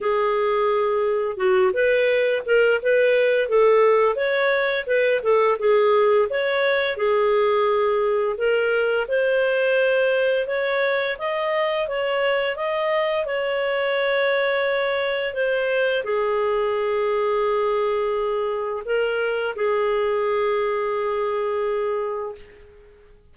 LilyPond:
\new Staff \with { instrumentName = "clarinet" } { \time 4/4 \tempo 4 = 86 gis'2 fis'8 b'4 ais'8 | b'4 a'4 cis''4 b'8 a'8 | gis'4 cis''4 gis'2 | ais'4 c''2 cis''4 |
dis''4 cis''4 dis''4 cis''4~ | cis''2 c''4 gis'4~ | gis'2. ais'4 | gis'1 | }